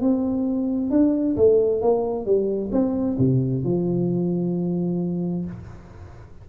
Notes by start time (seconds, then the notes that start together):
0.00 C4
0.90 D4
1.36 A3
1.81 A#3
2.25 G3
2.71 C4
3.18 C3
3.63 F3